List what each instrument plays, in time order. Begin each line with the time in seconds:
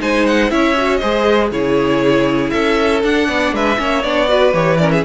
0.00 cello G#3, viola D#4, violin C5 G#5
0.26 violin F#5
0.50 cello C#4, viola E4, violin C#5 E5
0.78 viola F#4
0.97 viola G#4, violin C5 D#5
1.03 cello G#3
1.51 cello C#3, viola E4, violin G#4 C#5
2.51 cello C#4, violin A4 E5
3.03 viola D4, cello D4, violin F#5
3.29 cello B3, violin D5
3.52 cello G#3, violin B4 E5
3.77 cello A#3, viola C#4, violin C#5
4.04 cello B3, viola D4, violin D5
4.28 viola F#4, violin B4
4.54 cello E3, viola G4, violin C#5
4.78 viola C#4, violin A#4 D5
4.92 violin G#4 E5